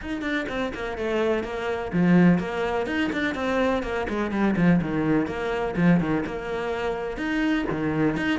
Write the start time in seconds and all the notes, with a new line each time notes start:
0.01 D#4
0.21 D4
0.48 C4
0.74 A#3
0.97 A3
1.43 A#3
1.92 F3
2.38 A#3
2.86 D#4
3.12 D4
3.34 C4
3.82 A#3
4.09 G#3
4.31 G3
4.56 F3
4.81 D#3
5.26 A#3
5.76 F3
6.00 D#3
6.25 A#3
7.17 D#4
7.70 D#3
8.16 D#4